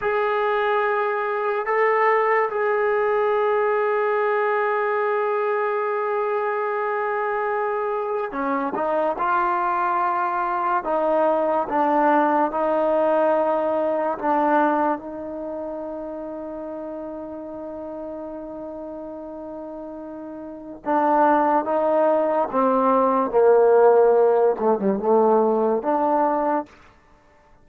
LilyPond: \new Staff \with { instrumentName = "trombone" } { \time 4/4 \tempo 4 = 72 gis'2 a'4 gis'4~ | gis'1~ | gis'2 cis'8 dis'8 f'4~ | f'4 dis'4 d'4 dis'4~ |
dis'4 d'4 dis'2~ | dis'1~ | dis'4 d'4 dis'4 c'4 | ais4. a16 g16 a4 d'4 | }